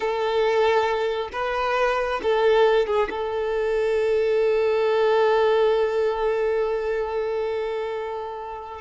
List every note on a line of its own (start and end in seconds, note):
0.00 1.29 A4
1.32 2.20 B4
2.22 2.86 A4
2.86 3.08 G#4
3.10 8.81 A4